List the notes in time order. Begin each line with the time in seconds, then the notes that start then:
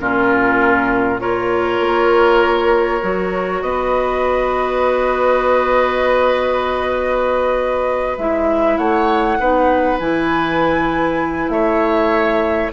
0.00 A#2 C#4 F4 A#4
1.20 F4 A#4 C#5
1.80 A#3
3.02 F#3 F#4
3.62 B3 B4 D#5
8.18 G#3 E4 E5
8.78 A3 C#5 F#5
9.39 B3 D#4 B4
10.00 E3 E4 G#5
11.49 A3 C#5 E5